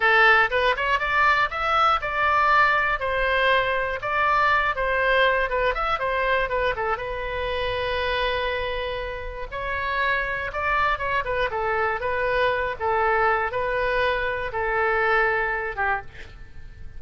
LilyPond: \new Staff \with { instrumentName = "oboe" } { \time 4/4 \tempo 4 = 120 a'4 b'8 cis''8 d''4 e''4 | d''2 c''2 | d''4. c''4. b'8 e''8 | c''4 b'8 a'8 b'2~ |
b'2. cis''4~ | cis''4 d''4 cis''8 b'8 a'4 | b'4. a'4. b'4~ | b'4 a'2~ a'8 g'8 | }